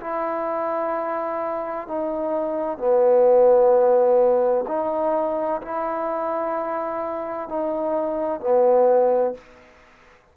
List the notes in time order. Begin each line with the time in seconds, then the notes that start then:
0.00 E4
1.87 D#4
2.77 B3
4.67 D#4
5.61 E4
7.49 D#4
8.40 B3